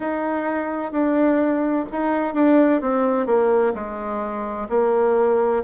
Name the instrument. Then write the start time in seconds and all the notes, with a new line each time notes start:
bassoon
0.00 D#4
0.92 D4
1.91 D#4
2.34 D4
2.81 C4
3.26 A#3
3.74 G#3
4.69 A#3